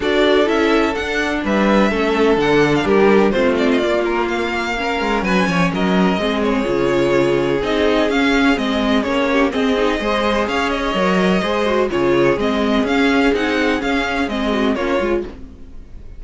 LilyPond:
<<
  \new Staff \with { instrumentName = "violin" } { \time 4/4 \tempo 4 = 126 d''4 e''4 fis''4 e''4~ | e''4 fis''8. f''16 ais'4 c''8 d''16 dis''16 | d''8 ais'8 f''2 gis''4 | dis''4. cis''2~ cis''8 |
dis''4 f''4 dis''4 cis''4 | dis''2 f''8 dis''4.~ | dis''4 cis''4 dis''4 f''4 | fis''4 f''4 dis''4 cis''4 | }
  \new Staff \with { instrumentName = "violin" } { \time 4/4 a'2. b'4 | a'2 g'4 f'4~ | f'2 ais'4 b'8 cis''8 | ais'4 gis'2.~ |
gis'2.~ gis'8 g'8 | gis'4 c''4 cis''2 | c''4 gis'2.~ | gis'2~ gis'8 fis'8 f'4 | }
  \new Staff \with { instrumentName = "viola" } { \time 4/4 fis'4 e'4 d'2 | cis'4 d'2 c'4 | ais2 cis'2~ | cis'4 c'4 f'2 |
dis'4 cis'4 c'4 cis'4 | c'8 dis'8 gis'2 ais'4 | gis'8 fis'8 f'4 c'4 cis'4 | dis'4 cis'4 c'4 cis'8 f'8 | }
  \new Staff \with { instrumentName = "cello" } { \time 4/4 d'4 cis'4 d'4 g4 | a4 d4 g4 a4 | ais2~ ais8 gis8 fis8 f8 | fis4 gis4 cis2 |
c'4 cis'4 gis4 ais4 | c'4 gis4 cis'4 fis4 | gis4 cis4 gis4 cis'4 | c'4 cis'4 gis4 ais8 gis8 | }
>>